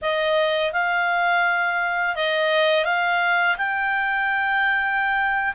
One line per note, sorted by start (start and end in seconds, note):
0.01 0.72 D#5
0.72 2.15 F5
2.15 2.84 D#5
2.84 3.56 F5
3.57 5.54 G5